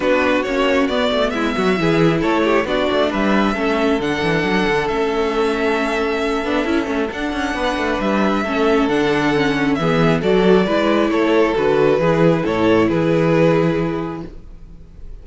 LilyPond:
<<
  \new Staff \with { instrumentName = "violin" } { \time 4/4 \tempo 4 = 135 b'4 cis''4 d''4 e''4~ | e''4 cis''4 d''4 e''4~ | e''4 fis''2 e''4~ | e''1 |
fis''2 e''2 | fis''2 e''4 d''4~ | d''4 cis''4 b'2 | cis''4 b'2. | }
  \new Staff \with { instrumentName = "violin" } { \time 4/4 fis'2. e'8 fis'8 | gis'4 a'8 g'8 fis'4 b'4 | a'1~ | a'1~ |
a'4 b'2 a'4~ | a'2 gis'4 a'4 | b'4 a'2 gis'4 | a'4 gis'2. | }
  \new Staff \with { instrumentName = "viola" } { \time 4/4 d'4 cis'4 b2 | e'2 d'2 | cis'4 d'2 cis'4~ | cis'2~ cis'8 d'8 e'8 cis'8 |
d'2. cis'4 | d'4 cis'4 b4 fis'4 | e'2 fis'4 e'4~ | e'1 | }
  \new Staff \with { instrumentName = "cello" } { \time 4/4 b4 ais4 b8 a8 gis8 fis8 | e4 a4 b8 a8 g4 | a4 d8 e8 fis8 d8 a4~ | a2~ a8 b8 cis'8 a8 |
d'8 cis'8 b8 a8 g4 a4 | d2 e4 fis4 | gis4 a4 d4 e4 | a,4 e2. | }
>>